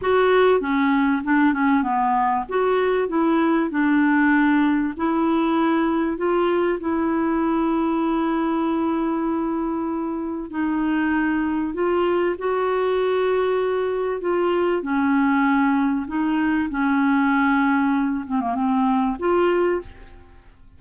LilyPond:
\new Staff \with { instrumentName = "clarinet" } { \time 4/4 \tempo 4 = 97 fis'4 cis'4 d'8 cis'8 b4 | fis'4 e'4 d'2 | e'2 f'4 e'4~ | e'1~ |
e'4 dis'2 f'4 | fis'2. f'4 | cis'2 dis'4 cis'4~ | cis'4. c'16 ais16 c'4 f'4 | }